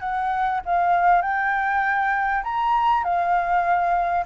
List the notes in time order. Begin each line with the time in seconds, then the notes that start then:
0.00 F#5
0.66 F5
1.22 G5
2.43 A#5
3.04 F5